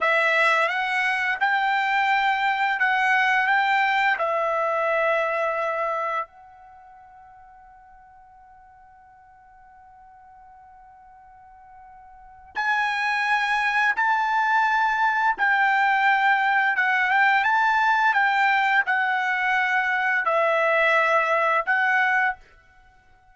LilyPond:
\new Staff \with { instrumentName = "trumpet" } { \time 4/4 \tempo 4 = 86 e''4 fis''4 g''2 | fis''4 g''4 e''2~ | e''4 fis''2.~ | fis''1~ |
fis''2 gis''2 | a''2 g''2 | fis''8 g''8 a''4 g''4 fis''4~ | fis''4 e''2 fis''4 | }